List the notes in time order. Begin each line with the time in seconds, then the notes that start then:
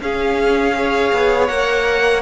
0.00 C#4 G#4 F5
0.75 G#4 C#5
1.12 B3
1.47 A#3 A#4 F#5